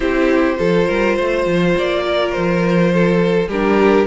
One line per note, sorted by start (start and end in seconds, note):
0.00 0.58 C4
0.00 0.57 E4
0.00 0.57 G4
0.00 1.75 C5
0.57 0.88 F3
0.57 3.48 F4
0.57 0.87 A4
0.87 1.18 G3
0.87 1.15 A#4
1.15 1.46 A3
1.15 2.03 C5
1.46 1.75 F3
1.77 2.35 A#3
1.77 2.31 D5
2.05 2.92 A#4
2.31 3.47 F3
2.31 3.48 C5
2.93 3.48 A4
3.47 4.05 G3
3.47 4.06 D4
3.47 4.06 G4
3.47 4.06 A#4